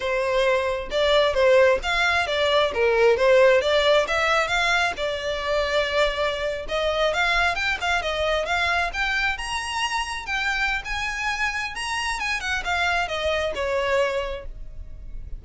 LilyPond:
\new Staff \with { instrumentName = "violin" } { \time 4/4 \tempo 4 = 133 c''2 d''4 c''4 | f''4 d''4 ais'4 c''4 | d''4 e''4 f''4 d''4~ | d''2~ d''8. dis''4 f''16~ |
f''8. g''8 f''8 dis''4 f''4 g''16~ | g''8. ais''2 g''4~ g''16 | gis''2 ais''4 gis''8 fis''8 | f''4 dis''4 cis''2 | }